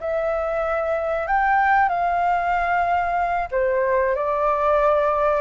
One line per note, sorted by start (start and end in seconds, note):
0.00 1.27 E5
1.27 1.89 G5
1.89 3.48 F5
3.51 4.15 C5
4.15 5.41 D5